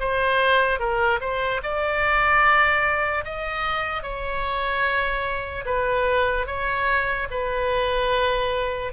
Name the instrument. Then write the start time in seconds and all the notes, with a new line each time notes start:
oboe
0.00 C5
0.80 A#4
1.21 C5
1.63 D5
3.25 D#5
4.02 C#5
5.66 B4
6.46 C#5
7.30 B4